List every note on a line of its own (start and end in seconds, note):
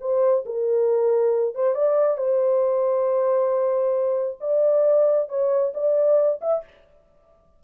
0.00 0.44 C5
0.45 1.54 A#4
1.54 1.74 C5
1.74 2.17 D5
2.17 4.38 C5
4.40 5.28 D5
5.28 5.72 C#5
5.74 6.40 D5
6.41 6.63 E5